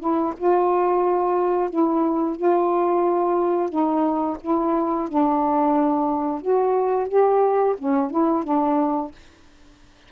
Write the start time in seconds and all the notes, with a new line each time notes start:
0.00 E4
0.38 F4
1.70 E4
2.36 F4
3.70 D#4
4.41 E4
5.09 D4
6.41 F#4
7.08 G4
7.78 C#4
8.11 E4
8.44 D4